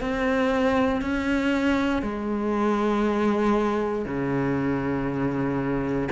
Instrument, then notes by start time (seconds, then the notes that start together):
cello
0.00 C4
1.01 C#4
2.02 G#3
4.05 C#3